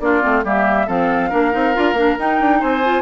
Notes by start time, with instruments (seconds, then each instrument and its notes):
0.00 bassoon A#3, clarinet D4, oboe F4, flute D5
0.22 bassoon A3, clarinet C4
0.44 bassoon G3, clarinet A#3, oboe G4, flute E5
0.87 bassoon F3, clarinet C4, oboe A4, flute F5
1.29 bassoon A#3, clarinet D4, oboe A#4
1.52 bassoon C4, clarinet D#4
1.74 bassoon D4, clarinet F4
1.93 bassoon A#3, clarinet D4
2.19 bassoon D#4, clarinet D#4, flute G5
2.40 bassoon D4
2.60 bassoon C4, oboe C5, flute G#5
2.84 clarinet F4